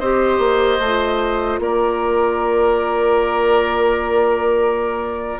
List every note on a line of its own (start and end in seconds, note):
0.00 0.39 C4
0.00 0.82 G4
0.00 1.60 C5
0.00 1.60 D#5
0.39 0.79 A#3
0.80 1.59 A3
0.80 5.40 F4
1.59 5.39 A#3
1.59 5.40 A#4
1.59 5.40 D5